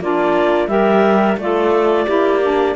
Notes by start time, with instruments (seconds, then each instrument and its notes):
0.00 cello A#3, saxophone D4, clarinet F4 D5
0.67 cello G3, saxophone G4, clarinet A#4 E5
1.37 cello A3, saxophone F4, clarinet A4 D5
2.06 cello A#3, saxophone E4, clarinet G4
2.41 saxophone D4